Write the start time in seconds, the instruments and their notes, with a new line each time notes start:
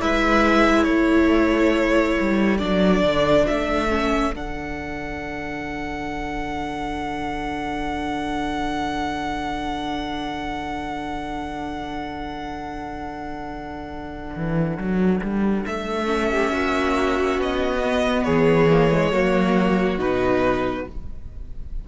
0.00 cello G#3, viola E4, violin B4 E5
0.84 cello A3, violin A4 C#5
2.20 cello G3
2.58 cello F#3, viola D4, violin D5
3.02 cello D3
3.47 cello A3, violin E5
3.90 viola C#4
4.35 cello D3, viola D4, violin F#5
14.36 cello E3
14.78 cello F#3
15.22 cello G3
15.66 cello A3, violin E5
16.06 viola C#4
16.31 violin G4
16.53 cello A#3, violin F#4
17.39 cello B3, violin D#5
17.84 viola B3
18.24 cello E3, violin G#4 C#5
18.70 viola A#3
18.91 viola G#3
19.11 cello F#3, viola A#3, violin F#4
19.99 cello B2, viola D#4, violin B4